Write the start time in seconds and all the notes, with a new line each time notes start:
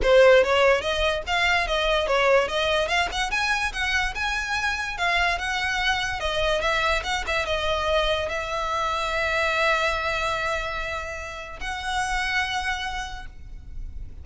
0.02 C5
0.43 C#5
0.81 D#5
1.26 F5
1.67 D#5
2.07 C#5
2.47 D#5
2.88 F5
3.11 F#5
3.30 G#5
3.72 F#5
4.14 G#5
4.97 F5
5.38 F#5
6.20 D#5
6.61 E5
7.03 F#5
7.26 E5
7.46 D#5
8.28 E5
11.60 F#5